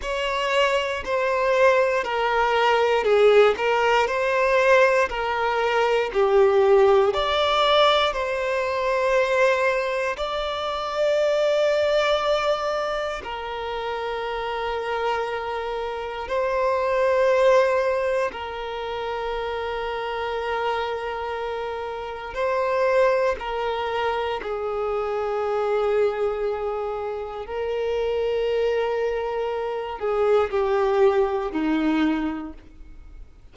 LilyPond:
\new Staff \with { instrumentName = "violin" } { \time 4/4 \tempo 4 = 59 cis''4 c''4 ais'4 gis'8 ais'8 | c''4 ais'4 g'4 d''4 | c''2 d''2~ | d''4 ais'2. |
c''2 ais'2~ | ais'2 c''4 ais'4 | gis'2. ais'4~ | ais'4. gis'8 g'4 dis'4 | }